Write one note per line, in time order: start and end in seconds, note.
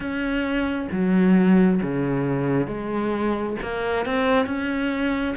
0.00 0.88 C#4
0.91 1.81 F#3
1.82 2.67 C#3
2.67 3.56 G#3
3.62 4.05 A#3
4.05 4.46 C4
4.46 5.35 C#4